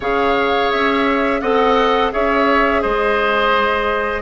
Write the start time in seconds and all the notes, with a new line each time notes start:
0.00 C#3 G#4 C#5 F5
0.71 C#4 E5
1.41 C4 A4 D#5 F#5
2.12 C#4 G#4 C#5 E5
2.81 G#3 C5 D#5